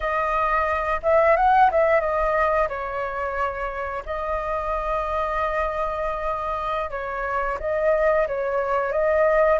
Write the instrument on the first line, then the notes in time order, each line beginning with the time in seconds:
flute
0.00 D#5
1.02 E5
1.36 F#5
1.71 E5
2.00 D#5
2.68 C#5
4.05 D#5
6.90 C#5
7.59 D#5
8.27 C#5
8.92 D#5